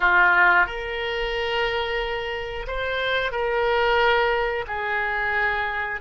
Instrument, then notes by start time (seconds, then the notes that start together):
oboe
0.00 F4
0.66 A#4
2.67 C5
3.32 A#4
4.67 G#4